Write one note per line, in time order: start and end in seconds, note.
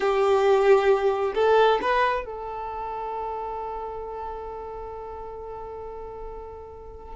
0.00 1.33 G4
1.34 1.79 A4
1.81 2.25 B4
2.25 7.15 A4